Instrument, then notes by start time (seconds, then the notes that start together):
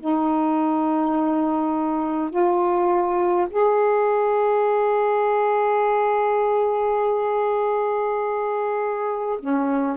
saxophone
0.00 D#4
2.30 F4
3.50 G#4
9.40 C#4